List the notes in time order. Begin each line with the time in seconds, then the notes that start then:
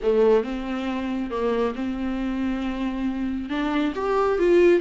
0.02 A3
0.43 C4
1.30 A#3
1.75 C4
3.49 D4
3.95 G4
4.38 F4